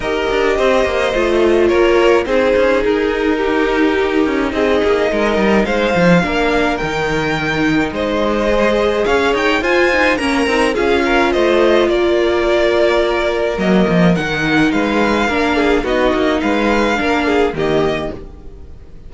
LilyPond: <<
  \new Staff \with { instrumentName = "violin" } { \time 4/4 \tempo 4 = 106 dis''2. cis''4 | c''4 ais'2. | dis''2 f''2 | g''2 dis''2 |
f''8 g''8 gis''4 ais''4 f''4 | dis''4 d''2. | dis''4 fis''4 f''2 | dis''4 f''2 dis''4 | }
  \new Staff \with { instrumentName = "violin" } { \time 4/4 ais'4 c''2 ais'4 | gis'2 g'2 | gis'4 ais'4 c''4 ais'4~ | ais'2 c''2 |
cis''4 c''4 ais'4 gis'8 ais'8 | c''4 ais'2.~ | ais'2 b'4 ais'8 gis'8 | fis'4 b'4 ais'8 gis'8 g'4 | }
  \new Staff \with { instrumentName = "viola" } { \time 4/4 g'2 f'2 | dis'1~ | dis'2. d'4 | dis'2. gis'4~ |
gis'4 f'8 dis'8 cis'8 dis'8 f'4~ | f'1 | ais4 dis'2 d'4 | dis'2 d'4 ais4 | }
  \new Staff \with { instrumentName = "cello" } { \time 4/4 dis'8 d'8 c'8 ais8 a4 ais4 | c'8 cis'8 dis'2~ dis'8 cis'8 | c'8 ais8 gis8 g8 gis8 f8 ais4 | dis2 gis2 |
cis'8 dis'8 f'4 ais8 c'8 cis'4 | a4 ais2. | fis8 f8 dis4 gis4 ais4 | b8 ais8 gis4 ais4 dis4 | }
>>